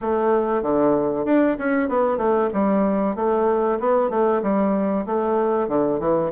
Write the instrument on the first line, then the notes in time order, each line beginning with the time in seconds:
bassoon
0.01 A3
0.62 D3
1.25 D4
1.58 C#4
1.88 B3
2.17 A3
2.53 G3
3.15 A3
3.79 B3
4.10 A3
4.42 G3
5.06 A3
5.68 D3
5.99 E3